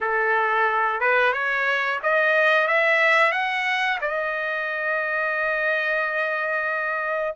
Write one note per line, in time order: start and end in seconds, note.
0.01 1.00 A4
1.00 1.32 B4
1.32 1.99 C#5
2.02 2.67 D#5
2.67 3.32 E5
3.32 3.98 F#5
4.01 7.34 D#5